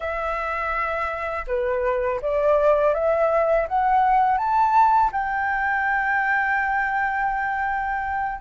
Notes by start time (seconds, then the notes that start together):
0.00 E5
1.47 B4
2.21 D5
2.94 E5
3.68 F#5
4.37 A5
5.12 G5